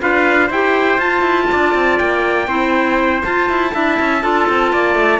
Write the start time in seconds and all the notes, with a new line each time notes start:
0.00 D4 F4 B4 F5
0.47 E4 G4 C5 G5
0.98 F4 A5
1.21 E4
1.52 D4 D5
1.75 C4
1.99 A#3 G5
2.48 C4 E4 C5
3.24 F4 A5
3.49 E4
3.71 D4 E4 E5
4.00 C#4
4.21 D4 F4 A4
4.49 C4
4.73 A#3 D5
4.95 A3